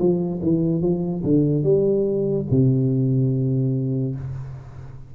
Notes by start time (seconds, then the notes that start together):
0.00 F3
0.43 E3
0.82 F3
1.24 D3
1.64 G3
2.51 C3